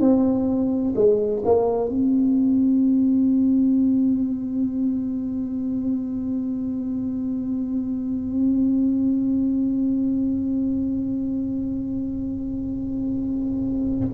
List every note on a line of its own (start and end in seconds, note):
0.00 0.94 C4
0.95 1.42 G#3
1.45 1.89 A#3
1.89 14.08 C4